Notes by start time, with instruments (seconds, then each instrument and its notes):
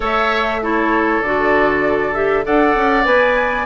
0.00 bassoon A3, clarinet A4, oboe C#5, flute E5
0.61 clarinet E4, oboe A4, flute C#5
1.22 bassoon D3, clarinet F#4, flute D5
2.14 clarinet G4, flute E5
2.44 bassoon D4, clarinet A4, oboe D5, flute F#5
2.75 bassoon C#4
3.04 bassoon B3, clarinet B4, flute G#5